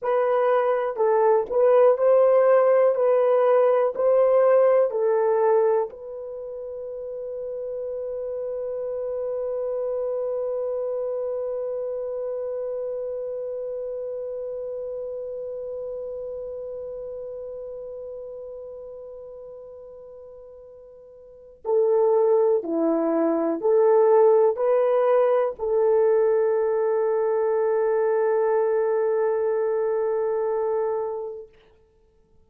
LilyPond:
\new Staff \with { instrumentName = "horn" } { \time 4/4 \tempo 4 = 61 b'4 a'8 b'8 c''4 b'4 | c''4 a'4 b'2~ | b'1~ | b'1~ |
b'1~ | b'2 a'4 e'4 | a'4 b'4 a'2~ | a'1 | }